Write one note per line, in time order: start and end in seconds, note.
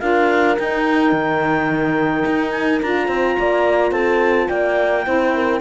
0.00 0.58 D4
0.00 0.56 F4
0.00 3.06 A#4
0.00 0.56 F5
0.59 2.81 D#4
0.59 1.13 D#4
0.59 2.52 G5
1.13 2.25 D#3
2.26 2.82 D#4
2.52 2.80 G#5
2.81 3.09 D4
2.81 5.04 F4
2.81 3.93 A#5
3.06 3.37 C4
3.06 3.34 C5
3.39 3.92 A#3
3.39 3.92 D5
3.92 4.48 C4
3.92 4.48 A4
3.92 4.49 A5
4.49 5.07 A#3
4.49 5.05 D5
4.49 5.61 G5
5.04 5.61 C4
5.04 5.60 E4
5.04 5.34 C5
5.35 5.61 A#4